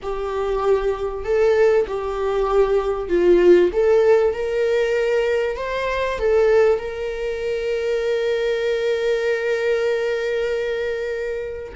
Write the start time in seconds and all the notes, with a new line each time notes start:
0.02 G4
1.24 A4
1.87 G4
3.08 F4
3.73 A4
4.33 A#4
5.57 C5
6.18 A4
6.78 A#4